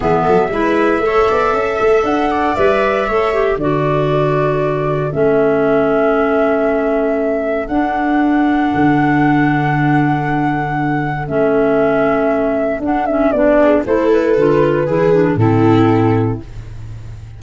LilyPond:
<<
  \new Staff \with { instrumentName = "flute" } { \time 4/4 \tempo 4 = 117 e''1 | fis''4 e''2 d''4~ | d''2 e''2~ | e''2. fis''4~ |
fis''1~ | fis''2 e''2~ | e''4 fis''8 e''8 d''4 c''8 b'8~ | b'2 a'2 | }
  \new Staff \with { instrumentName = "viola" } { \time 4/4 gis'8 a'8 b'4 cis''8 d''8 e''4~ | e''8 d''4. cis''4 a'4~ | a'1~ | a'1~ |
a'1~ | a'1~ | a'2~ a'8 gis'8 a'4~ | a'4 gis'4 e'2 | }
  \new Staff \with { instrumentName = "clarinet" } { \time 4/4 b4 e'4 a'2~ | a'4 b'4 a'8 g'8 fis'4~ | fis'2 cis'2~ | cis'2. d'4~ |
d'1~ | d'2 cis'2~ | cis'4 d'8 cis'8 d'4 e'4 | f'4 e'8 d'8 c'2 | }
  \new Staff \with { instrumentName = "tuba" } { \time 4/4 e8 fis8 gis4 a8 b8 cis'8 a8 | d'4 g4 a4 d4~ | d2 a2~ | a2. d'4~ |
d'4 d2.~ | d2 a2~ | a4 d'4 b4 a4 | d4 e4 a,2 | }
>>